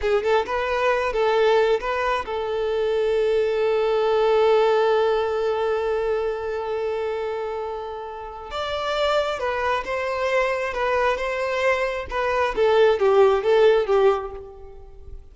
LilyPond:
\new Staff \with { instrumentName = "violin" } { \time 4/4 \tempo 4 = 134 gis'8 a'8 b'4. a'4. | b'4 a'2.~ | a'1~ | a'1~ |
a'2. d''4~ | d''4 b'4 c''2 | b'4 c''2 b'4 | a'4 g'4 a'4 g'4 | }